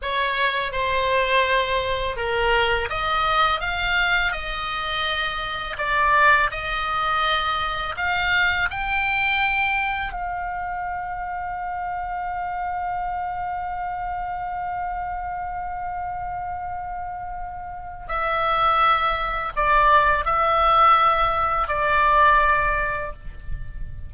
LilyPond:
\new Staff \with { instrumentName = "oboe" } { \time 4/4 \tempo 4 = 83 cis''4 c''2 ais'4 | dis''4 f''4 dis''2 | d''4 dis''2 f''4 | g''2 f''2~ |
f''1~ | f''1~ | f''4 e''2 d''4 | e''2 d''2 | }